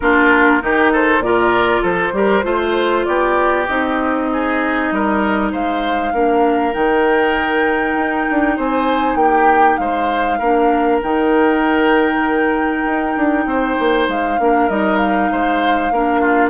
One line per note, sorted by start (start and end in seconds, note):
0.00 0.62 A#3
0.00 0.60 D4
0.00 0.62 F4
0.00 0.92 A#4
0.60 1.19 D#3
0.60 1.22 D#4
0.60 0.92 G4
0.92 1.23 A4
0.92 1.22 C5
1.19 1.80 A#2
1.19 2.13 F4
1.19 1.83 D5
1.25 1.82 A#4
1.82 2.12 F3
1.82 2.12 A4
1.82 3.04 C5
2.12 2.43 G3
2.12 2.43 G4
2.12 2.45 A#4
2.43 3.05 A3
2.43 3.65 F4
2.43 3.06 C5
3.04 3.68 B3
3.04 4.29 G4
3.04 3.65 D5
3.67 4.91 C4
3.67 6.13 D#4
3.67 5.50 D#5
4.32 4.94 G#4
4.91 5.52 G3
4.91 5.51 A#4
5.51 6.12 G#3
5.51 6.12 C5
5.51 6.73 F5
6.12 6.73 A#3
6.12 6.72 D4
6.12 8.56 A#4
6.72 7.95 D#3
6.72 10.40 D#4
6.72 8.57 G5
7.95 8.25 D#4
8.30 8.58 D4
8.56 9.15 C4
8.56 9.17 C5
8.56 9.16 G#5
9.15 9.76 A#3
9.15 9.80 G4
9.15 9.77 G5
9.77 10.39 G#3
9.77 10.38 C5
9.77 10.99 F5
10.38 11.00 A#3
10.38 11.02 D4
10.38 13.44 A#4
11.02 12.85 D#3
11.02 14.38 D#4
11.02 14.08 G5
12.85 13.15 D#4
13.16 13.45 D4
13.45 13.76 C4
13.45 14.40 C5
13.79 14.08 A#3
14.08 14.38 G#3
14.08 14.68 F5
14.38 14.69 A#3
14.38 14.69 D4
14.38 15.31 A#4
14.68 15.30 G3
14.68 15.92 D#4
14.68 14.96 D#5
14.96 16.49 F5
15.31 15.90 G#3
15.31 15.92 C5
15.90 16.49 A#3
15.90 16.49 D4
15.90 16.20 A#4
16.20 16.49 F4